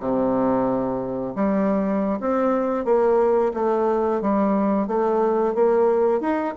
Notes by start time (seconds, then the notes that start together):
0.00 C3
1.35 G3
2.20 C4
2.85 A#3
3.54 A3
4.21 G3
4.87 A3
5.55 A#3
6.21 D#4